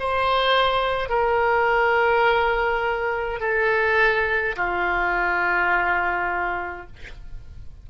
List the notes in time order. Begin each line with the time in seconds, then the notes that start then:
0.00 C5
1.10 A#4
3.40 A4
4.56 F4